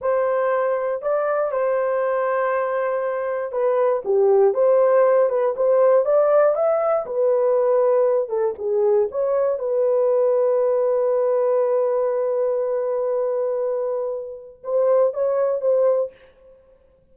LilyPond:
\new Staff \with { instrumentName = "horn" } { \time 4/4 \tempo 4 = 119 c''2 d''4 c''4~ | c''2. b'4 | g'4 c''4. b'8 c''4 | d''4 e''4 b'2~ |
b'8 a'8 gis'4 cis''4 b'4~ | b'1~ | b'1~ | b'4 c''4 cis''4 c''4 | }